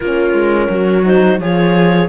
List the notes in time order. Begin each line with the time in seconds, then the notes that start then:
0.00 A#3 C#4 F4 A#4
0.33 G#3
0.69 F#3 F#4
1.04 D#4 C5
1.39 F3 F4 G#4 C#5